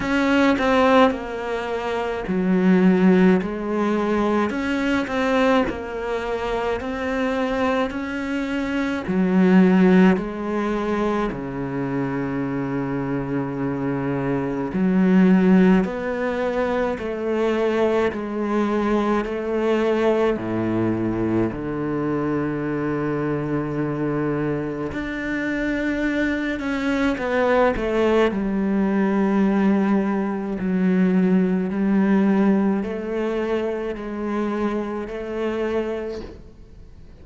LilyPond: \new Staff \with { instrumentName = "cello" } { \time 4/4 \tempo 4 = 53 cis'8 c'8 ais4 fis4 gis4 | cis'8 c'8 ais4 c'4 cis'4 | fis4 gis4 cis2~ | cis4 fis4 b4 a4 |
gis4 a4 a,4 d4~ | d2 d'4. cis'8 | b8 a8 g2 fis4 | g4 a4 gis4 a4 | }